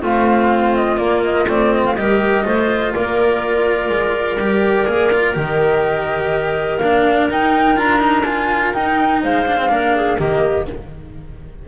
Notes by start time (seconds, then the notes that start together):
0.00 A3 C4 F4 F5
0.76 D#5
0.97 A#3 D5
1.24 D#5
1.47 A3 C4 D5
1.73 D#5
1.85 F5
1.95 G3 G4 A#4 D#5
2.44 A3 F4 C5
2.94 A#3 A#4 D5
3.89 G#3
4.36 G3 G4
4.86 A#3 G#4
5.12 F4
5.34 D#3 G4 D#5
6.78 A#3 D4 F5
7.29 D#4 G5
7.76 D4 F4 A#5
7.99 D#4
8.24 F4 G#5
8.73 D#4 G5
9.22 G#3 C5 F5
9.47 D4
9.57 C4
9.69 A#3 D4 A#4
9.96 G#4
10.18 D#3 A#3 G4 D#5